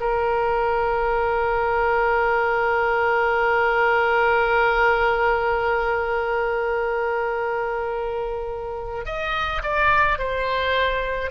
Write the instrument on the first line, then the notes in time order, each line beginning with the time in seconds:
oboe
0.00 A#4
9.05 D#5
9.63 D5
10.18 C5